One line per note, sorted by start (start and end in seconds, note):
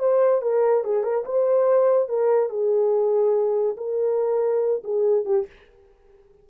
0.00 0.42 C5
0.42 0.85 A#4
0.85 1.04 G#4
1.04 1.25 A#4
1.25 2.09 C5
2.09 2.50 A#4
2.50 3.77 G#4
3.78 4.83 A#4
4.84 5.25 G#4
5.25 5.47 G4